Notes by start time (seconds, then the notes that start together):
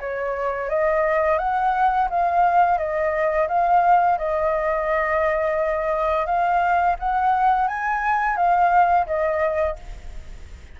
0.00 C#5
0.69 D#5
1.38 F#5
2.10 F5
2.78 D#5
3.48 F5
4.18 D#5
6.26 F5
6.99 F#5
7.67 G#5
8.36 F5
9.06 D#5